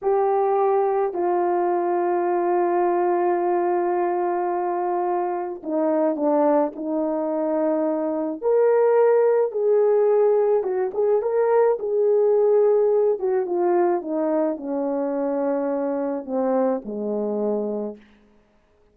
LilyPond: \new Staff \with { instrumentName = "horn" } { \time 4/4 \tempo 4 = 107 g'2 f'2~ | f'1~ | f'2 dis'4 d'4 | dis'2. ais'4~ |
ais'4 gis'2 fis'8 gis'8 | ais'4 gis'2~ gis'8 fis'8 | f'4 dis'4 cis'2~ | cis'4 c'4 gis2 | }